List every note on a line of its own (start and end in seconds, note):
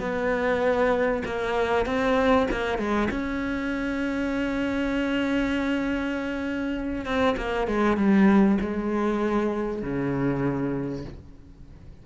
0.00 1.22 B3
1.26 1.86 A#3
1.86 2.47 C4
2.51 2.78 A#3
2.78 3.09 G#3
3.10 7.05 C#4
7.05 7.36 C4
7.37 7.68 A#3
7.68 7.97 G#3
7.97 8.58 G3
8.61 9.82 G#3
9.82 11.05 C#3